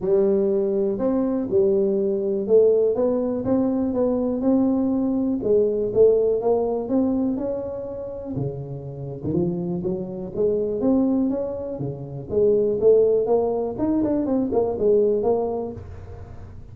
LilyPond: \new Staff \with { instrumentName = "tuba" } { \time 4/4 \tempo 4 = 122 g2 c'4 g4~ | g4 a4 b4 c'4 | b4 c'2 gis4 | a4 ais4 c'4 cis'4~ |
cis'4 cis4.~ cis16 dis16 f4 | fis4 gis4 c'4 cis'4 | cis4 gis4 a4 ais4 | dis'8 d'8 c'8 ais8 gis4 ais4 | }